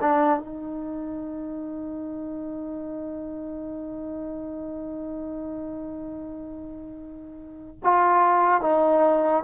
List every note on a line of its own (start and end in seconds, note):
0.00 0.39 D4
0.39 7.79 D#4
7.83 8.61 F4
8.61 9.43 D#4